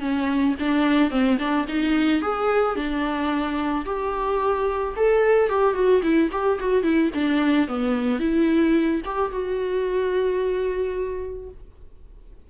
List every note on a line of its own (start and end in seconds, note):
0.00 0.55 C#4
0.59 1.10 D4
1.10 1.37 C4
1.38 1.65 D4
1.68 2.21 D#4
2.21 2.75 G#4
2.75 3.85 D4
3.85 4.94 G4
4.96 5.49 A4
5.49 5.74 G4
5.74 6.01 F#4
6.02 6.30 E4
6.31 6.59 G4
6.59 6.83 F#4
6.83 7.10 E4
7.14 7.68 D4
7.68 8.19 B3
8.19 9.01 E4
9.04 9.31 G4
9.31 11.49 F#4